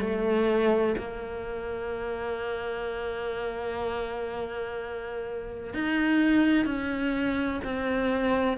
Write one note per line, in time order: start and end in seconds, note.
0.00 0.95 A3
0.98 5.74 A#3
5.74 6.66 D#4
6.66 7.61 C#4
7.65 8.58 C4